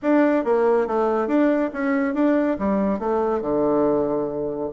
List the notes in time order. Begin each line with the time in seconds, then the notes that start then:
0.02 D4
0.44 A#3
0.87 A3
1.27 D4
1.73 C#4
2.14 D4
2.59 G3
2.99 A3
3.41 D3